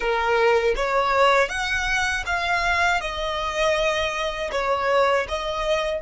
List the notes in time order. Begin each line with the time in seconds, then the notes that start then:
0.00 A#4
0.75 C#5
1.48 F#5
2.25 F5
3.00 D#5
4.51 C#5
5.28 D#5